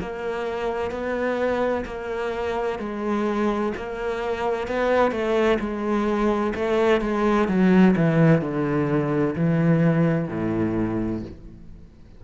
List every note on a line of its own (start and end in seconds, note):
0.00 0.91 A#3
0.91 1.85 B3
1.85 2.79 A#3
2.79 3.72 G#3
3.76 4.67 A#3
4.67 5.11 B3
5.11 5.58 A3
5.60 6.53 G#3
6.55 7.01 A3
7.01 7.48 G#3
7.48 7.95 F#3
7.96 8.41 E3
8.41 9.35 D3
9.35 10.28 E3
10.28 11.22 A2